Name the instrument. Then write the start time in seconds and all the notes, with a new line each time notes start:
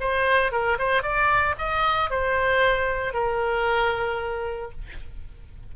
oboe
0.00 C5
0.51 A#4
0.78 C5
1.02 D5
1.58 D#5
2.10 C5
3.13 A#4